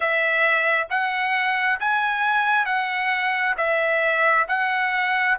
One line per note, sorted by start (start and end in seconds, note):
0.00 0.87 E5
0.90 1.79 F#5
1.80 2.65 G#5
2.65 3.55 F#5
3.57 4.46 E5
4.48 5.37 F#5